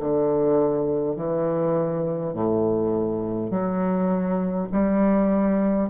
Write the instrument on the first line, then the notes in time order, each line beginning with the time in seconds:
bassoon
0.00 D3
1.16 E3
2.34 A2
3.50 F#3
4.72 G3